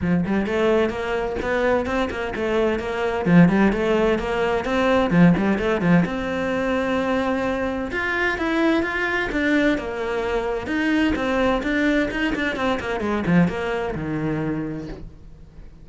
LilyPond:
\new Staff \with { instrumentName = "cello" } { \time 4/4 \tempo 4 = 129 f8 g8 a4 ais4 b4 | c'8 ais8 a4 ais4 f8 g8 | a4 ais4 c'4 f8 g8 | a8 f8 c'2.~ |
c'4 f'4 e'4 f'4 | d'4 ais2 dis'4 | c'4 d'4 dis'8 d'8 c'8 ais8 | gis8 f8 ais4 dis2 | }